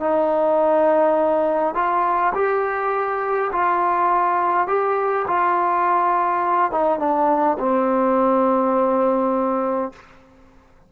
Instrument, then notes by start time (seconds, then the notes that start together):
trombone
0.00 D#4
1.75 F4
2.35 G4
3.52 F4
4.68 G4
5.27 F4
6.71 D#4
6.99 D4
7.59 C4